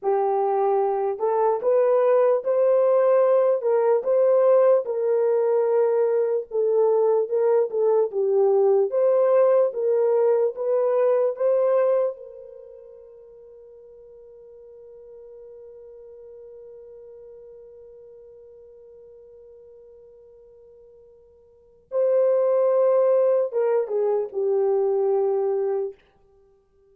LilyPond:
\new Staff \with { instrumentName = "horn" } { \time 4/4 \tempo 4 = 74 g'4. a'8 b'4 c''4~ | c''8 ais'8 c''4 ais'2 | a'4 ais'8 a'8 g'4 c''4 | ais'4 b'4 c''4 ais'4~ |
ais'1~ | ais'1~ | ais'2. c''4~ | c''4 ais'8 gis'8 g'2 | }